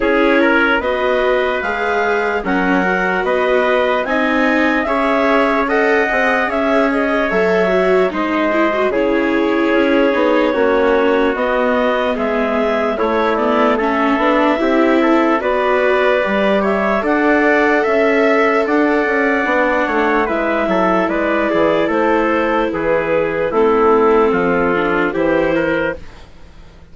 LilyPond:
<<
  \new Staff \with { instrumentName = "clarinet" } { \time 4/4 \tempo 4 = 74 cis''4 dis''4 f''4 fis''4 | dis''4 gis''4 e''4 fis''4 | e''8 dis''8 e''4 dis''4 cis''4~ | cis''2 dis''4 e''4 |
cis''8 d''8 e''2 d''4~ | d''8 e''8 fis''4 e''4 fis''4~ | fis''4 e''4 d''4 c''4 | b'4 a'2 c''4 | }
  \new Staff \with { instrumentName = "trumpet" } { \time 4/4 gis'8 ais'8 b'2 ais'4 | b'4 dis''4 cis''4 dis''4 | cis''2 c''4 gis'4~ | gis'4 fis'2 gis'4 |
e'4 a'4 g'8 a'8 b'4~ | b'8 cis''8 d''4 e''4 d''4~ | d''8 cis''8 b'8 a'8 b'8 gis'8 a'4 | gis'4 e'4 f'4 g'8 ais'8 | }
  \new Staff \with { instrumentName = "viola" } { \time 4/4 e'4 fis'4 gis'4 cis'8 fis'8~ | fis'4 dis'4 gis'4 a'8 gis'8~ | gis'4 a'8 fis'8 dis'8 e'16 fis'16 e'4~ | e'8 dis'8 cis'4 b2 |
a8 b8 cis'8 d'8 e'4 fis'4 | g'4 a'2. | d'4 e'2.~ | e'4 c'4. d'8 e'4 | }
  \new Staff \with { instrumentName = "bassoon" } { \time 4/4 cis'4 b4 gis4 fis4 | b4 c'4 cis'4. c'8 | cis'4 fis4 gis4 cis4 | cis'8 b8 ais4 b4 gis4 |
a4. b8 c'4 b4 | g4 d'4 cis'4 d'8 cis'8 | b8 a8 gis8 fis8 gis8 e8 a4 | e4 a4 f4 e4 | }
>>